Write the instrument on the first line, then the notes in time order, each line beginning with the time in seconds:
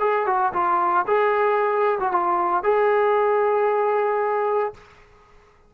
trombone
0.00 G#4
0.26 F#4
0.53 F4
1.07 G#4
2.00 F#4
2.12 F4
2.63 G#4